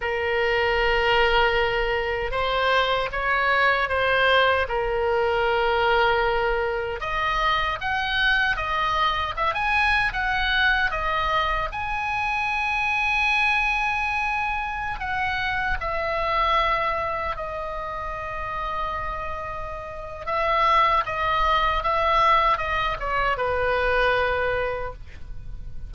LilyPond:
\new Staff \with { instrumentName = "oboe" } { \time 4/4 \tempo 4 = 77 ais'2. c''4 | cis''4 c''4 ais'2~ | ais'4 dis''4 fis''4 dis''4 | e''16 gis''8. fis''4 dis''4 gis''4~ |
gis''2.~ gis''16 fis''8.~ | fis''16 e''2 dis''4.~ dis''16~ | dis''2 e''4 dis''4 | e''4 dis''8 cis''8 b'2 | }